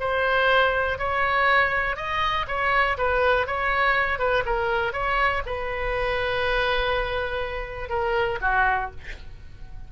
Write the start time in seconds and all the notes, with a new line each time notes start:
0.00 C5
0.98 C#5
1.96 D#5
2.47 C#5
2.98 B4
3.47 C#5
4.19 B4
4.46 A#4
4.93 C#5
5.46 B4
7.89 A#4
8.41 F#4